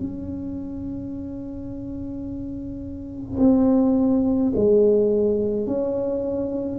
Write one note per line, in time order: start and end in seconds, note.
0.00 3.40 C#4
3.40 4.53 C4
4.56 5.67 G#3
5.67 6.79 C#4